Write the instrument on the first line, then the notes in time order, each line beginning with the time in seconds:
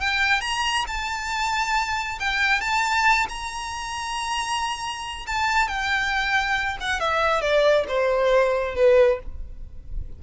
violin
0.00 G5
0.41 A#5
0.87 A5
2.20 G5
2.61 A5
3.29 A#5
5.27 A5
5.68 G5
6.80 F#5
7.00 E5
7.41 D5
7.88 C5
8.75 B4